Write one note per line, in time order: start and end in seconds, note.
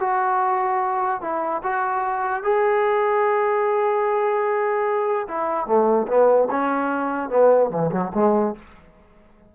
0.00 1.21 F#4
1.21 1.62 E4
1.63 2.43 F#4
2.43 5.27 G#4
5.28 5.66 E4
5.66 6.07 A3
6.08 6.48 B3
6.50 7.30 C#4
7.30 7.70 B3
7.70 7.90 E3
7.91 8.12 F#3
8.14 8.55 G#3